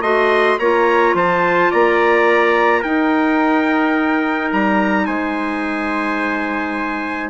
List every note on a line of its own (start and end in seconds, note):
0.00 0.56 A3
0.00 0.58 F#4
0.00 0.57 D#5
0.00 0.59 C6
0.59 1.13 A#3
0.59 2.83 F4
0.59 1.15 C#5
0.59 1.15 A#5
1.13 1.70 F3
1.13 1.70 C5
1.13 1.71 A5
1.70 2.83 A#3
1.70 2.79 D5
1.70 2.82 A#5
2.79 7.30 D#4
2.79 4.51 D#4
2.79 5.04 A#4
2.79 4.50 G5
4.52 5.08 G3
4.52 5.05 A#5
5.05 7.30 G#3
5.05 7.30 C5
5.05 7.30 G#5